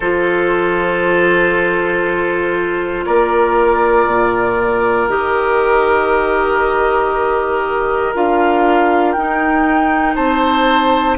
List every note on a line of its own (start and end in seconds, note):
0.00 3.05 F3
0.00 5.08 F4
0.00 3.04 A4
0.00 3.05 C5
3.05 4.07 A#3
3.05 10.15 A#4
3.05 5.08 D5
4.07 5.08 A#2
5.08 8.13 D#3
5.08 8.14 G4
5.08 8.14 D#5
8.14 9.16 D4
8.14 9.16 F4
8.14 9.12 F5
9.12 10.17 D#4
9.12 11.17 D#4
9.12 10.14 G5
10.15 11.17 C4
10.15 11.17 C5
10.15 11.17 A5